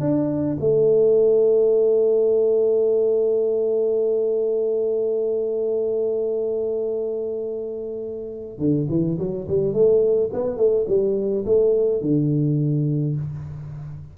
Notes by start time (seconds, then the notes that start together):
0.00 D4
0.60 A3
8.58 D3
8.89 E3
9.18 F#3
9.48 G3
9.73 A3
10.33 B3
10.57 A3
10.88 G3
11.45 A3
12.01 D3